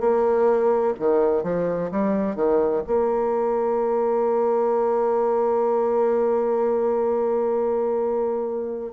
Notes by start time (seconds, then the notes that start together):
0.00 A#3
0.99 D#3
1.43 F3
1.91 G3
2.35 D#3
2.87 A#3